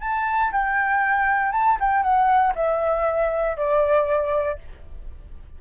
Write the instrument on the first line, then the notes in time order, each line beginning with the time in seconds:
flute
0.00 A5
0.52 G5
1.52 A5
1.80 G5
2.02 F#5
2.55 E5
3.57 D5